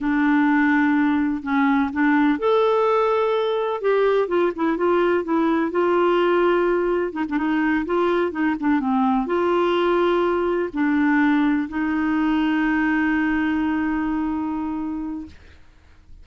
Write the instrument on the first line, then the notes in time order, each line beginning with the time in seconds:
clarinet
0.00 D4
1.42 C#4
1.93 D4
2.38 A4
3.81 G4
4.28 F4
4.55 E4
4.77 F4
5.24 E4
5.71 F4
7.12 D#4
7.29 D4
7.37 D#4
7.85 F4
8.31 D#4
8.60 D4
8.80 C4
9.26 F4
10.73 D4
11.69 D#4